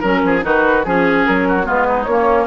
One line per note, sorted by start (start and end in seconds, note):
0.00 0.24 F#3
0.00 0.42 C#4
0.00 0.21 A#4
0.00 0.42 A#4
0.24 0.44 F3
0.24 0.45 G#4
0.42 0.85 D#3
0.42 0.83 D#4
0.42 0.86 F#4
0.42 0.84 B4
0.84 1.26 F3
0.84 1.64 C#4
0.84 1.25 G#4
0.84 1.48 G#4
1.25 1.68 F#3
1.25 1.67 A#4
1.48 1.66 F#4
1.64 2.06 G#3
1.64 2.05 B3
1.64 1.87 F4
1.64 2.04 B4
1.89 2.09 D#4
2.04 2.47 A#3
2.04 2.47 C#4
2.04 2.45 C#5
2.11 2.47 A#3